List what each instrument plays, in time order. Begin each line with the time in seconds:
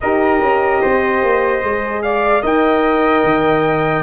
0.01 tuba D#4, horn G4, flute A#4, trumpet D#5
0.41 tuba C#4
0.81 tuba C4, flute C5
1.22 tuba A#3
1.63 tuba G#3, horn G#4
2.02 flute D5, trumpet F5
2.41 tuba D#4, horn A#4, flute D#5, trumpet G5
3.23 tuba D#3